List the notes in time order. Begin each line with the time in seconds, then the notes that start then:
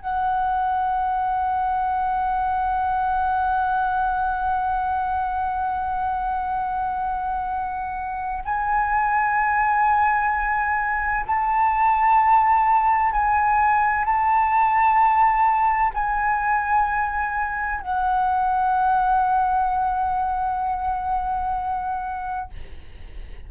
0.00 F#5
8.44 G#5
11.26 A5
13.12 G#5
14.04 A5
15.94 G#5
17.80 F#5